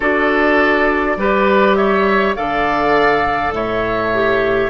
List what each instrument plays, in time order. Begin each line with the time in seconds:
0.00 bassoon D4, clarinet F#4, oboe A4, flute D5
1.16 bassoon G3, clarinet G4, oboe B4
1.75 oboe C#5, flute E5
2.35 bassoon D3, clarinet A4, oboe D5, flute F5
3.52 bassoon A2, oboe C#5, flute E5
4.13 clarinet G4